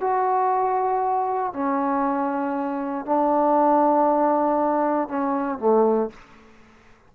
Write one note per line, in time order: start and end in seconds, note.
0.00 1.53 F#4
1.53 3.05 C#4
3.05 5.08 D4
5.08 5.59 C#4
5.59 6.09 A3